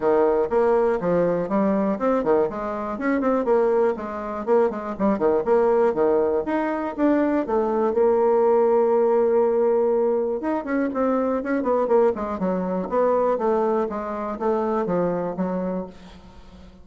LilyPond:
\new Staff \with { instrumentName = "bassoon" } { \time 4/4 \tempo 4 = 121 dis4 ais4 f4 g4 | c'8 dis8 gis4 cis'8 c'8 ais4 | gis4 ais8 gis8 g8 dis8 ais4 | dis4 dis'4 d'4 a4 |
ais1~ | ais4 dis'8 cis'8 c'4 cis'8 b8 | ais8 gis8 fis4 b4 a4 | gis4 a4 f4 fis4 | }